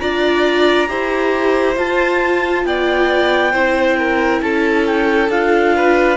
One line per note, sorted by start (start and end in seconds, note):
0.00 0.90 D4
0.00 0.88 F4
0.00 0.89 D5
0.00 1.76 A#5
0.88 1.77 E4
0.88 1.76 G4
0.88 2.66 C5
1.76 3.53 F4
1.76 2.65 F4
1.76 2.66 A5
2.65 3.53 B3
2.65 3.53 D5
2.65 4.42 G5
3.53 4.42 C4
3.53 5.30 E4
3.53 3.97 C5
3.98 4.42 A#4
4.42 5.29 C#4
4.42 5.76 A4
4.42 4.86 A5
4.86 5.31 G5
5.29 6.17 D4
5.29 6.17 F4
5.29 6.17 F5
5.76 6.17 B4